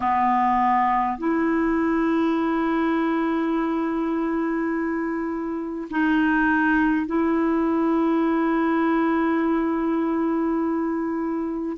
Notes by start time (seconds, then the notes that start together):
0.00 B3
1.18 E4
5.90 D#4
7.06 E4